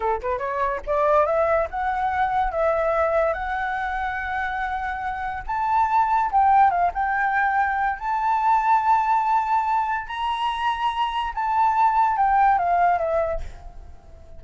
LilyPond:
\new Staff \with { instrumentName = "flute" } { \time 4/4 \tempo 4 = 143 a'8 b'8 cis''4 d''4 e''4 | fis''2 e''2 | fis''1~ | fis''4 a''2 g''4 |
f''8 g''2~ g''8 a''4~ | a''1 | ais''2. a''4~ | a''4 g''4 f''4 e''4 | }